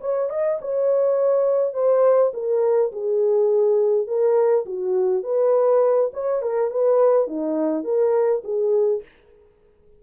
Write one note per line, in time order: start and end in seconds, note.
0.00 0.29 C#5
0.29 0.59 D#5
0.61 1.73 C#5
1.73 2.32 C5
2.33 2.92 A#4
2.92 4.07 G#4
4.07 4.65 A#4
4.65 5.23 F#4
5.23 6.10 B4
6.13 6.42 C#5
6.42 6.70 A#4
6.70 7.27 B4
7.27 7.84 D#4
7.84 8.42 A#4
8.44 9.02 G#4